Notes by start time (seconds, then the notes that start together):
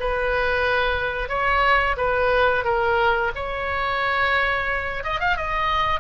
0.00 B4
1.29 C#5
1.97 B4
2.64 A#4
3.35 C#5
5.04 D#5
5.20 F5
5.37 D#5